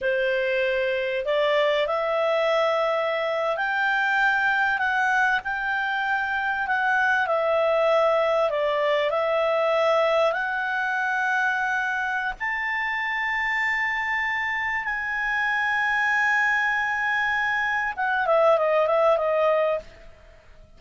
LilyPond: \new Staff \with { instrumentName = "clarinet" } { \time 4/4 \tempo 4 = 97 c''2 d''4 e''4~ | e''4.~ e''16 g''2 fis''16~ | fis''8. g''2 fis''4 e''16~ | e''4.~ e''16 d''4 e''4~ e''16~ |
e''8. fis''2.~ fis''16 | a''1 | gis''1~ | gis''4 fis''8 e''8 dis''8 e''8 dis''4 | }